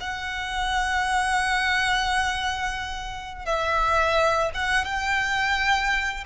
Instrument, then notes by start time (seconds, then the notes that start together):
violin
0.00 F#5
3.45 E5
4.54 F#5
4.85 G5